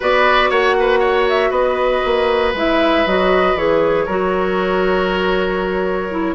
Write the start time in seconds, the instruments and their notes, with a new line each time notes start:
0.00 bassoon B3, clarinet F#4, oboe B4, flute D5
0.50 bassoon A#3, oboe C#5, flute F#5
0.79 oboe B4
0.99 oboe C#5
1.28 flute E5
1.50 bassoon B3, oboe B4, flute D#5
2.04 bassoon A#3
2.53 bassoon G#3, clarinet E4, flute E5
3.06 bassoon F#3, clarinet F#4, flute D#5
3.55 bassoon E3, clarinet G#4, flute C#5
4.05 bassoon F#3, clarinet F#4, oboe A#4
6.11 clarinet E4